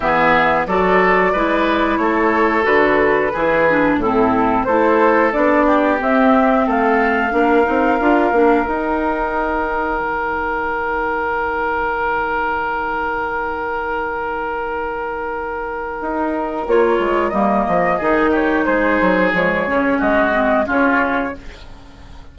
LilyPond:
<<
  \new Staff \with { instrumentName = "flute" } { \time 4/4 \tempo 4 = 90 e''4 d''2 cis''4 | b'2 a'4 c''4 | d''4 e''4 f''2~ | f''4 g''2.~ |
g''1~ | g''1~ | g''4 cis''4 dis''4. cis''8 | c''4 cis''4 dis''4 cis''4 | }
  \new Staff \with { instrumentName = "oboe" } { \time 4/4 gis'4 a'4 b'4 a'4~ | a'4 gis'4 e'4 a'4~ | a'8 g'4. a'4 ais'4~ | ais'1~ |
ais'1~ | ais'1~ | ais'2. gis'8 g'8 | gis'2 fis'4 f'4 | }
  \new Staff \with { instrumentName = "clarinet" } { \time 4/4 b4 fis'4 e'2 | fis'4 e'8 d'8 c'4 e'4 | d'4 c'2 d'8 dis'8 | f'8 d'8 dis'2.~ |
dis'1~ | dis'1~ | dis'4 f'4 ais4 dis'4~ | dis'4 gis8 cis'4 c'8 cis'4 | }
  \new Staff \with { instrumentName = "bassoon" } { \time 4/4 e4 fis4 gis4 a4 | d4 e4 a,4 a4 | b4 c'4 a4 ais8 c'8 | d'8 ais8 dis'2 dis4~ |
dis1~ | dis1 | dis'4 ais8 gis8 g8 f8 dis4 | gis8 fis8 f8 cis8 gis4 cis4 | }
>>